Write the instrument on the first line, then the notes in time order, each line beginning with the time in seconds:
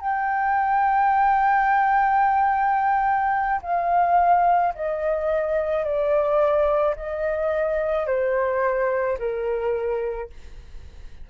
flute
0.00 G5
3.62 F5
4.74 D#5
5.84 D5
6.95 D#5
8.07 C5
9.19 A#4